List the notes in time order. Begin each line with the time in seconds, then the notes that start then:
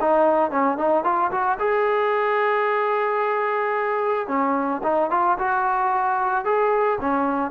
0.00 D#4
0.51 C#4
0.77 D#4
1.03 F4
1.31 F#4
1.59 G#4
4.27 C#4
4.83 D#4
5.10 F4
5.38 F#4
6.44 G#4
7.00 C#4